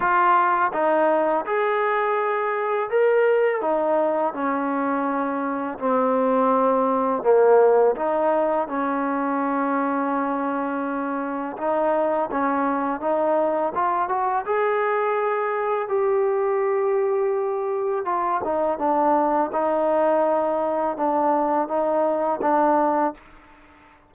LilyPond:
\new Staff \with { instrumentName = "trombone" } { \time 4/4 \tempo 4 = 83 f'4 dis'4 gis'2 | ais'4 dis'4 cis'2 | c'2 ais4 dis'4 | cis'1 |
dis'4 cis'4 dis'4 f'8 fis'8 | gis'2 g'2~ | g'4 f'8 dis'8 d'4 dis'4~ | dis'4 d'4 dis'4 d'4 | }